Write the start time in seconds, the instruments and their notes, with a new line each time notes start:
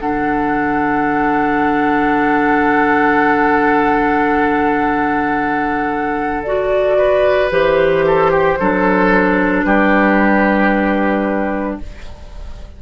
0.00 bassoon D3, clarinet D4, oboe A4, flute F#5
6.44 clarinet F#4, flute D5
6.98 oboe B4
7.52 bassoon E3, clarinet G4, flute C5
8.07 oboe A4
8.32 oboe G4
8.60 bassoon F#3, clarinet D4, oboe A4
9.64 bassoon G3, oboe G4, flute B4